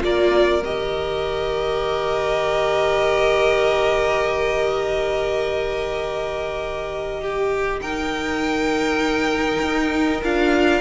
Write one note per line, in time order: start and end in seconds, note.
0.00 0.62 A#3
0.00 0.60 F4
0.00 7.21 A#4
0.00 0.64 D5
0.62 9.62 D#3
0.62 7.84 G4
0.62 7.81 D#5
7.21 7.81 G4
7.81 10.24 D#4
7.81 10.81 A#4
7.81 10.21 G5
9.62 10.22 D#4
10.23 10.81 D4
10.23 10.81 F4
10.23 10.81 F5